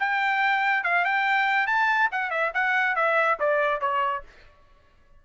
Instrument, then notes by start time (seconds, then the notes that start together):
trumpet
0.00 G5
0.84 F5
1.05 G5
1.67 A5
2.12 F#5
2.31 E5
2.54 F#5
2.96 E5
3.40 D5
3.81 C#5